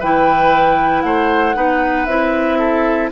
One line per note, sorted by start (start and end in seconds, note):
0.00 1.04 E3
0.00 1.55 E4
0.00 1.03 B4
0.00 1.02 G5
1.02 1.55 A3
1.02 1.56 C5
1.02 2.06 F#5
1.55 2.07 B3
1.55 2.07 D#4
1.55 2.59 B4
2.06 3.11 C4
2.06 3.12 E4
2.06 3.09 E5
2.59 3.11 A4